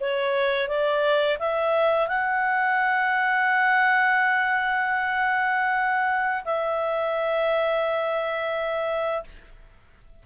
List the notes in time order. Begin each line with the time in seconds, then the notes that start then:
0.00 C#5
0.68 D5
1.39 E5
2.08 F#5
6.44 E5